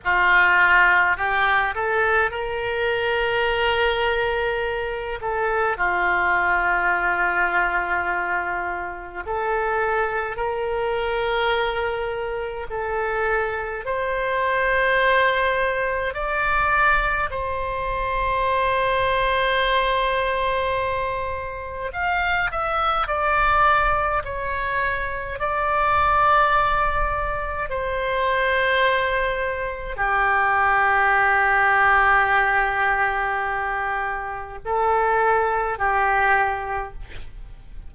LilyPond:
\new Staff \with { instrumentName = "oboe" } { \time 4/4 \tempo 4 = 52 f'4 g'8 a'8 ais'2~ | ais'8 a'8 f'2. | a'4 ais'2 a'4 | c''2 d''4 c''4~ |
c''2. f''8 e''8 | d''4 cis''4 d''2 | c''2 g'2~ | g'2 a'4 g'4 | }